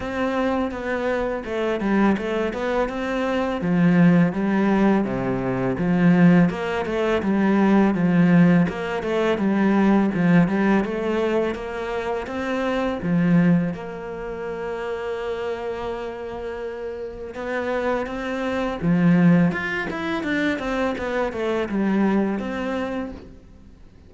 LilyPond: \new Staff \with { instrumentName = "cello" } { \time 4/4 \tempo 4 = 83 c'4 b4 a8 g8 a8 b8 | c'4 f4 g4 c4 | f4 ais8 a8 g4 f4 | ais8 a8 g4 f8 g8 a4 |
ais4 c'4 f4 ais4~ | ais1 | b4 c'4 f4 f'8 e'8 | d'8 c'8 b8 a8 g4 c'4 | }